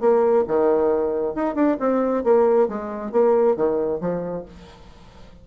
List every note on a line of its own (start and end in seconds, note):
0.00 0.44 A#3
0.47 1.35 D#3
1.35 1.55 D#4
1.55 1.77 D4
1.79 2.24 C4
2.24 2.68 A#3
2.68 3.12 G#3
3.12 3.56 A#3
3.56 4.00 D#3
4.01 4.45 F3